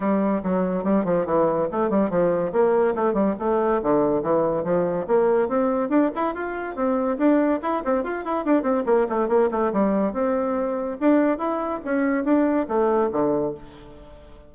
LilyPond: \new Staff \with { instrumentName = "bassoon" } { \time 4/4 \tempo 4 = 142 g4 fis4 g8 f8 e4 | a8 g8 f4 ais4 a8 g8 | a4 d4 e4 f4 | ais4 c'4 d'8 e'8 f'4 |
c'4 d'4 e'8 c'8 f'8 e'8 | d'8 c'8 ais8 a8 ais8 a8 g4 | c'2 d'4 e'4 | cis'4 d'4 a4 d4 | }